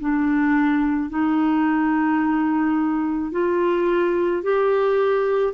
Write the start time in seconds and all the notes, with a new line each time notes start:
0.00 D4
1.10 D#4
3.32 F4
4.43 G4